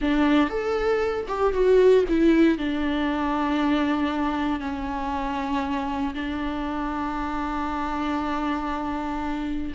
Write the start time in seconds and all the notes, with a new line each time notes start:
0.01 D4
0.49 A4
1.28 G4
1.53 F#4
2.08 E4
2.58 D4
4.60 C#4
6.14 D4